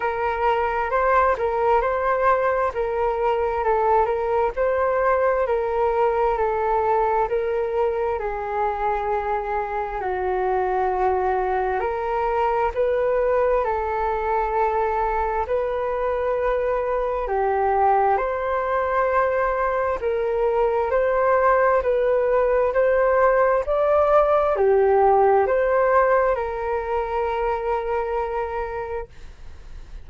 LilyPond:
\new Staff \with { instrumentName = "flute" } { \time 4/4 \tempo 4 = 66 ais'4 c''8 ais'8 c''4 ais'4 | a'8 ais'8 c''4 ais'4 a'4 | ais'4 gis'2 fis'4~ | fis'4 ais'4 b'4 a'4~ |
a'4 b'2 g'4 | c''2 ais'4 c''4 | b'4 c''4 d''4 g'4 | c''4 ais'2. | }